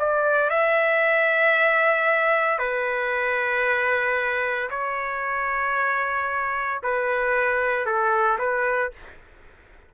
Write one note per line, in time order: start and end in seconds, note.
0.00 0.50 D5
0.50 2.59 E5
2.59 4.70 B4
4.71 6.81 C#5
6.83 7.86 B4
7.86 8.39 A4
8.39 8.92 B4